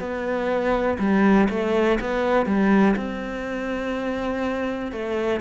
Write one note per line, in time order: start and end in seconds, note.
0.00 0.98 B3
0.99 1.48 G3
1.50 1.99 A3
2.01 2.47 B3
2.47 2.96 G3
2.97 4.93 C4
4.93 5.41 A3